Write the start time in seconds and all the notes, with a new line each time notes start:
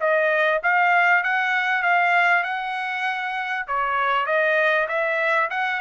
0.00 D#5
0.63 F5
1.23 F#5
1.83 F5
2.43 F#5
3.67 C#5
4.26 D#5
4.88 E5
5.50 F#5